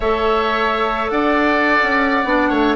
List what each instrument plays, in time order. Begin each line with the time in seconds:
0.00 bassoon A3, clarinet A4, oboe C#5, flute E5
1.09 bassoon D4, oboe D5, flute F#5
1.82 bassoon C#4
2.24 bassoon B3, clarinet D4
2.49 bassoon A3, oboe C#5